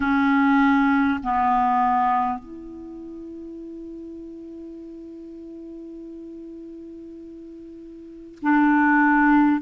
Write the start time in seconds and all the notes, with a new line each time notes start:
0.00 C#4
1.23 B3
2.38 E4
8.42 D4